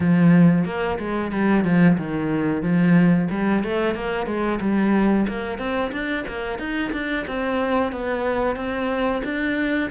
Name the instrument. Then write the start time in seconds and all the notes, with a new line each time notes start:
cello
0.00 F3
0.65 A#3
0.98 G#3
1.31 G3
1.64 F3
1.97 D#3
2.62 F3
3.30 G3
3.63 A3
3.94 A#3
4.26 G#3
4.60 G3
5.27 A#3
5.58 C4
5.92 D4
6.27 A#3
6.58 D#4
6.92 D4
7.27 C4
7.92 B3
8.56 C4
9.24 D4